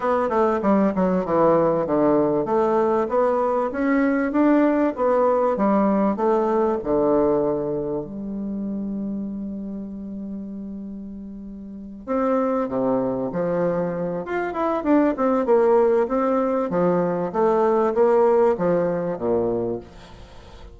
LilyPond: \new Staff \with { instrumentName = "bassoon" } { \time 4/4 \tempo 4 = 97 b8 a8 g8 fis8 e4 d4 | a4 b4 cis'4 d'4 | b4 g4 a4 d4~ | d4 g2.~ |
g2.~ g8 c'8~ | c'8 c4 f4. f'8 e'8 | d'8 c'8 ais4 c'4 f4 | a4 ais4 f4 ais,4 | }